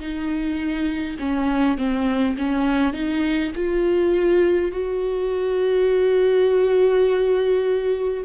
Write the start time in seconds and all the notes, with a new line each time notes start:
0.00 D#4
1.19 C#4
1.78 C4
2.38 C#4
2.94 D#4
3.56 F4
4.72 F#4